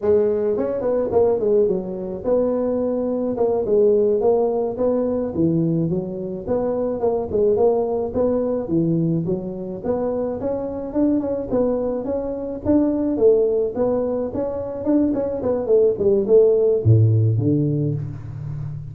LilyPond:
\new Staff \with { instrumentName = "tuba" } { \time 4/4 \tempo 4 = 107 gis4 cis'8 b8 ais8 gis8 fis4 | b2 ais8 gis4 ais8~ | ais8 b4 e4 fis4 b8~ | b8 ais8 gis8 ais4 b4 e8~ |
e8 fis4 b4 cis'4 d'8 | cis'8 b4 cis'4 d'4 a8~ | a8 b4 cis'4 d'8 cis'8 b8 | a8 g8 a4 a,4 d4 | }